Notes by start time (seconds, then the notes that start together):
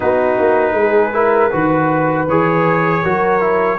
0.00 B3 D#4 F#4 B4
0.38 A#3
0.73 G#3 G#4
1.12 E4 A#4
1.50 D#3 F#4 B4
2.27 E3 G#4 C#5
3.02 F#3 F#4 A#4
3.40 E4